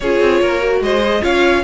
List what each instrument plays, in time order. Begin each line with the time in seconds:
0.00 cello C#4, viola F4, violin G#4 C#5
0.20 cello C4
0.41 cello A#3, violin A#4
0.60 viola F#4
0.80 cello G#3, violin C5 D#5
1.04 viola G#4
1.21 cello C#4, viola F4, violin C#5 F5